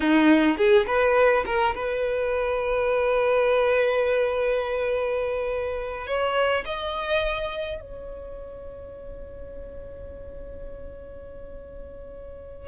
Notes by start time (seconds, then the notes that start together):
0.00 D#4
0.57 G#4
0.86 B4
1.46 A#4
1.75 B4
6.07 C#5
6.65 D#5
7.80 C#5